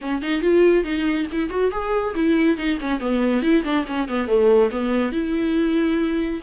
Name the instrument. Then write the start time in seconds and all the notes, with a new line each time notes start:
viola
0.01 C#4
0.22 D#4
0.41 F4
0.84 D#4
1.32 E4
1.49 F#4
1.71 G#4
2.14 E4
2.57 D#4
2.80 C#4
3.00 B3
3.42 E4
3.64 D4
3.86 C#4
4.08 B3
4.27 A3
4.71 B3
5.12 E4